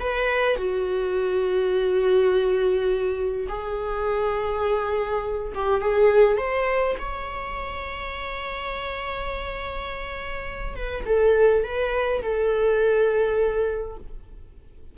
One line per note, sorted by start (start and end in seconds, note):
0.00 0.56 B4
0.56 3.48 F#4
3.49 5.53 G#4
5.55 5.81 G4
5.81 6.38 G#4
6.38 6.96 C5
6.99 10.76 C#5
10.76 11.05 B4
11.06 11.64 A4
11.64 12.23 B4
12.23 13.98 A4